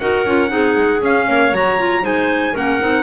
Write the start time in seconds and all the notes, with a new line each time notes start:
0.00 D#4 F#4 A#4 F#5
0.26 C#4 F4
0.48 C4 D#4 G#4
0.77 G#3
1.02 C#4 F5
1.27 A#3 C#5
1.53 F#3 F#4 A#5
1.78 F4
2.02 G#3 D#4 C5 G#5
2.53 A#3 C#4 A#4 F#5
2.81 C4 D#4